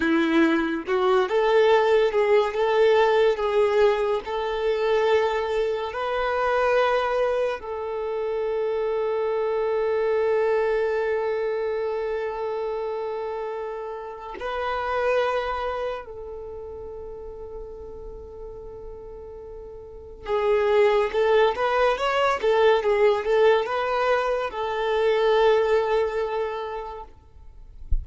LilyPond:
\new Staff \with { instrumentName = "violin" } { \time 4/4 \tempo 4 = 71 e'4 fis'8 a'4 gis'8 a'4 | gis'4 a'2 b'4~ | b'4 a'2.~ | a'1~ |
a'4 b'2 a'4~ | a'1 | gis'4 a'8 b'8 cis''8 a'8 gis'8 a'8 | b'4 a'2. | }